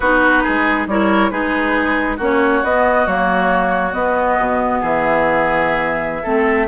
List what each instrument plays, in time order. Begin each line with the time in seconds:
0.00 bassoon B3, clarinet D#4, oboe F#4, flute B4
0.43 bassoon G#3, oboe G#4
0.86 bassoon G3, clarinet E4, oboe A#4, flute C#5
1.30 bassoon G#3, clarinet D#4, oboe G#4, flute B4
2.16 bassoon A#3, clarinet C#4, oboe F#4, flute C#5
2.63 bassoon B3, clarinet B3, flute D#5
3.06 bassoon F#3, clarinet A#3, flute C#5
3.92 clarinet B3, bassoon B3, flute D#5
4.38 bassoon B2
4.80 bassoon E3, oboe G#4, flute E5
6.23 bassoon A3, clarinet C4, oboe A4